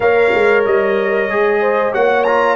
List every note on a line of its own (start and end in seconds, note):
0.00 0.32 A#3
0.00 1.29 A#4
0.00 1.60 C#5
0.00 0.64 F5
0.34 0.66 G#3
0.65 1.29 G3
0.65 1.93 D#5
1.29 1.93 G#3
1.29 1.93 G#4
1.60 1.92 C5
1.92 2.56 A#3
1.92 2.25 F#4
1.92 2.56 C#5
1.92 2.24 F#5
2.24 2.56 F4
2.24 2.56 A#5